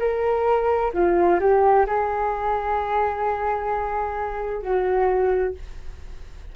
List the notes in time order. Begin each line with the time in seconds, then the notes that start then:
0.00 A#4
0.94 F4
1.40 G4
1.87 G#4
4.62 F#4